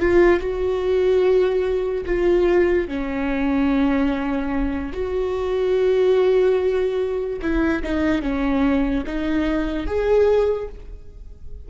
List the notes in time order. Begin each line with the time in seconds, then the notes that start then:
0.00 F4
0.40 F#4
2.05 F4
2.88 C#4
4.93 F#4
7.42 E4
7.83 D#4
8.22 C#4
9.06 D#4
9.87 G#4